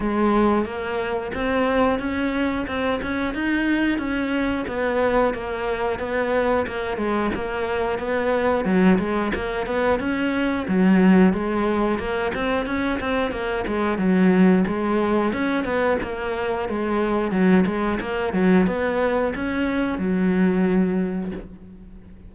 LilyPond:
\new Staff \with { instrumentName = "cello" } { \time 4/4 \tempo 4 = 90 gis4 ais4 c'4 cis'4 | c'8 cis'8 dis'4 cis'4 b4 | ais4 b4 ais8 gis8 ais4 | b4 fis8 gis8 ais8 b8 cis'4 |
fis4 gis4 ais8 c'8 cis'8 c'8 | ais8 gis8 fis4 gis4 cis'8 b8 | ais4 gis4 fis8 gis8 ais8 fis8 | b4 cis'4 fis2 | }